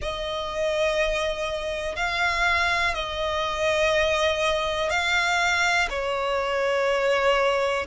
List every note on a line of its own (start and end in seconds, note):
0.01 1.95 D#5
1.95 2.94 F5
2.94 4.90 D#5
4.90 5.88 F5
5.89 7.86 C#5